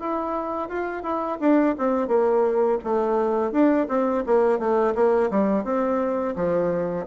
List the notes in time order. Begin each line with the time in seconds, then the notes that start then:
0.00 E4
0.69 F4
1.03 E4
1.40 D4
1.78 C4
2.08 A#3
2.84 A3
3.52 D4
3.89 C4
4.26 A#3
4.59 A3
4.95 A#3
5.31 G3
5.64 C4
6.36 F3